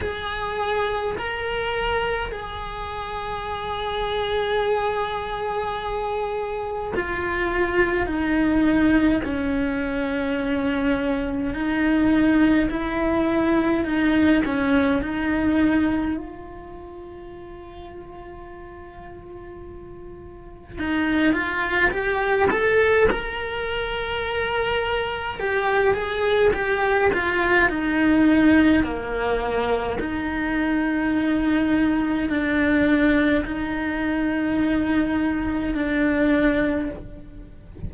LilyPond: \new Staff \with { instrumentName = "cello" } { \time 4/4 \tempo 4 = 52 gis'4 ais'4 gis'2~ | gis'2 f'4 dis'4 | cis'2 dis'4 e'4 | dis'8 cis'8 dis'4 f'2~ |
f'2 dis'8 f'8 g'8 a'8 | ais'2 g'8 gis'8 g'8 f'8 | dis'4 ais4 dis'2 | d'4 dis'2 d'4 | }